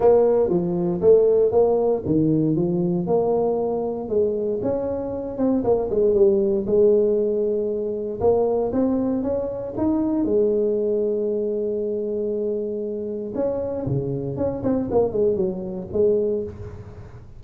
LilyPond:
\new Staff \with { instrumentName = "tuba" } { \time 4/4 \tempo 4 = 117 ais4 f4 a4 ais4 | dis4 f4 ais2 | gis4 cis'4. c'8 ais8 gis8 | g4 gis2. |
ais4 c'4 cis'4 dis'4 | gis1~ | gis2 cis'4 cis4 | cis'8 c'8 ais8 gis8 fis4 gis4 | }